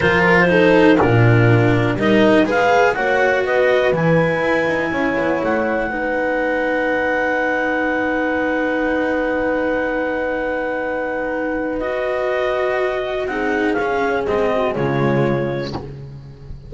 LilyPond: <<
  \new Staff \with { instrumentName = "clarinet" } { \time 4/4 \tempo 4 = 122 c''8 ais'16 c''4~ c''16 ais'2 | dis''4 f''4 fis''4 dis''4 | gis''2. fis''4~ | fis''1~ |
fis''1~ | fis''1 | dis''2. fis''4 | f''4 dis''4 cis''2 | }
  \new Staff \with { instrumentName = "horn" } { \time 4/4 ais'4 a'4 f'2 | ais'4 b'4 cis''4 b'4~ | b'2 cis''2 | b'1~ |
b'1~ | b'1~ | b'2. gis'4~ | gis'4. fis'8 f'2 | }
  \new Staff \with { instrumentName = "cello" } { \time 4/4 f'4 dis'4 d'2 | dis'4 gis'4 fis'2 | e'1 | dis'1~ |
dis'1~ | dis'1 | fis'2. dis'4 | cis'4 c'4 gis2 | }
  \new Staff \with { instrumentName = "double bass" } { \time 4/4 f2 ais,2 | g4 gis4 ais4 b4 | e4 e'8 dis'8 cis'8 b8 a4 | b1~ |
b1~ | b1~ | b2. c'4 | cis'4 gis4 cis2 | }
>>